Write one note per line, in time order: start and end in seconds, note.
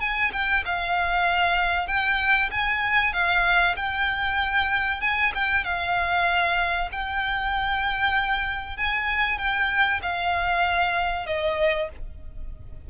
0.00 0.31 G#5
0.32 0.64 G5
0.65 1.87 F5
1.87 2.50 G5
2.51 3.13 G#5
3.13 3.75 F5
3.76 5.01 G5
5.01 5.32 G#5
5.35 5.64 G5
5.64 6.89 F5
6.91 8.77 G5
8.77 9.38 G#5
9.38 10.01 G5
10.02 11.26 F5
11.26 11.89 D#5